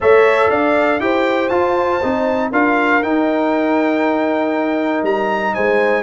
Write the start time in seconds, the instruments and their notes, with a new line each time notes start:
0.00 tuba A3, trombone A4, horn C#5, trumpet E5
0.49 tuba D4, horn D5, trumpet F5
0.99 tuba E4, trombone G4, horn C5, trumpet G5
1.48 tuba F4, trombone F4, trumpet A5
2.03 tuba C4, trombone D#4
2.51 tuba D4, trombone F4, horn A#4, trumpet F5
3.02 trombone D#4, tuba D#4, trumpet G5
5.03 tuba G3, trumpet A#5
5.54 tuba G#3, horn C5, trumpet G#5